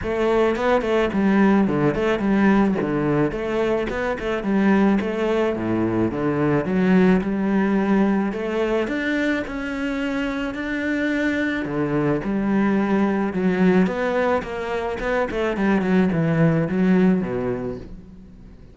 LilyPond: \new Staff \with { instrumentName = "cello" } { \time 4/4 \tempo 4 = 108 a4 b8 a8 g4 d8 a8 | g4 d4 a4 b8 a8 | g4 a4 a,4 d4 | fis4 g2 a4 |
d'4 cis'2 d'4~ | d'4 d4 g2 | fis4 b4 ais4 b8 a8 | g8 fis8 e4 fis4 b,4 | }